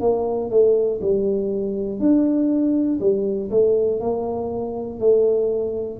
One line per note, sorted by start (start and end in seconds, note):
0.00 0.50 A#3
0.50 1.00 A3
1.01 2.00 G3
2.00 3.00 D4
3.00 3.50 G3
3.50 4.00 A3
4.00 5.00 A#3
5.00 6.00 A3